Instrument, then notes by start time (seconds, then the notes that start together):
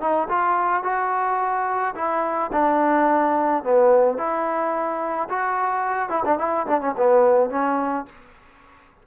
trombone
0.00 D#4
0.28 F4
0.83 F#4
1.95 E4
2.52 D4
3.63 B3
4.17 E4
5.29 F#4
6.09 E4
6.25 D4
6.38 E4
6.67 D4
6.81 C#4
6.97 B3
7.49 C#4